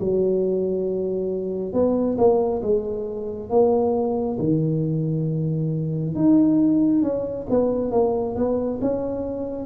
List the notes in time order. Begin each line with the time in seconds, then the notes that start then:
0.00 F#3
1.73 B3
2.18 A#3
2.63 G#3
3.50 A#3
4.40 D#3
6.16 D#4
7.03 C#4
7.50 B3
7.92 A#3
8.36 B3
8.82 C#4